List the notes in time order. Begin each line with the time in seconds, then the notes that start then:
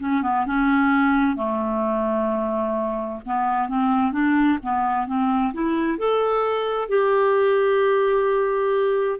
0.00 C#4
0.23 B3
0.47 C#4
1.36 A3
3.26 B3
3.69 C4
4.13 D4
4.63 B3
5.07 C4
5.54 E4
5.99 A4
6.89 G4